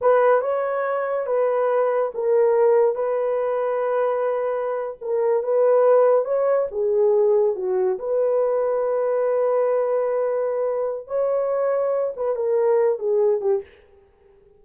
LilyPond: \new Staff \with { instrumentName = "horn" } { \time 4/4 \tempo 4 = 141 b'4 cis''2 b'4~ | b'4 ais'2 b'4~ | b'2.~ b'8. ais'16~ | ais'8. b'2 cis''4 gis'16~ |
gis'4.~ gis'16 fis'4 b'4~ b'16~ | b'1~ | b'2 cis''2~ | cis''8 b'8 ais'4. gis'4 g'8 | }